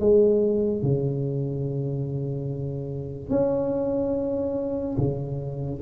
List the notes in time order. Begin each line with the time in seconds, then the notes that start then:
0.00 G#3
0.83 C#3
3.30 C#4
4.98 C#3